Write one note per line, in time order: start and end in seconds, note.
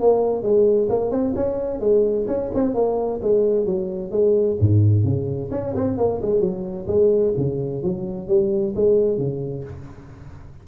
0.00 0.42 A#3
0.42 0.88 G#3
0.89 1.11 A#3
1.11 1.34 C4
1.35 1.80 C#4
1.80 2.26 G#3
2.27 2.50 C#4
2.54 2.74 C4
2.74 3.20 A#3
3.22 3.65 G#3
3.65 4.11 F#3
4.11 4.57 G#3
4.60 5.04 G#2
5.04 5.50 C#3
5.51 5.74 C#4
5.75 5.97 C4
5.97 6.21 A#3
6.22 6.40 G#3
6.40 6.86 F#3
6.87 7.34 G#3
7.37 7.83 C#3
7.83 8.28 F#3
8.28 8.74 G3
8.75 9.18 G#3
9.18 9.64 C#3